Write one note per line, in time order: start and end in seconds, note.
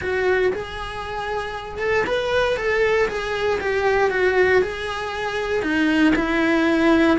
0.01 0.52 F#4
0.53 1.79 G#4
1.79 2.04 A4
2.07 2.56 B4
2.56 3.08 A4
3.08 3.59 G#4
3.60 4.10 G4
4.10 4.62 F#4
4.62 5.62 G#4
5.62 6.13 D#4
6.15 7.18 E4